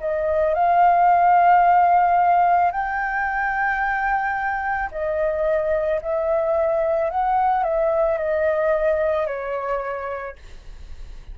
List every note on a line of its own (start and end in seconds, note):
0.00 0.54 D#5
0.54 2.71 F5
2.71 4.89 G5
4.91 6.00 D#5
6.01 7.10 E5
7.10 7.63 F#5
7.63 8.18 E5
8.18 9.26 D#5
9.26 10.35 C#5